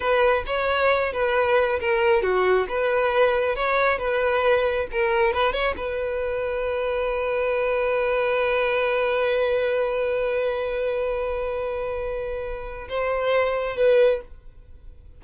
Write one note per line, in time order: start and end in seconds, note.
0.00 0.43 B4
0.46 1.13 C#5
1.13 1.79 B4
1.80 2.22 A#4
2.22 2.67 F#4
2.68 3.55 B4
3.55 3.98 C#5
3.98 4.87 B4
4.91 5.33 A#4
5.33 5.52 B4
5.52 5.74 C#5
5.77 12.88 B4
12.88 13.76 C5
13.76 14.20 B4